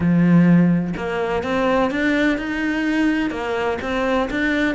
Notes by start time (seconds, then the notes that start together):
0.00 F3
0.97 A#3
1.43 C4
1.90 D4
2.37 D#4
3.30 A#3
3.81 C4
4.30 D4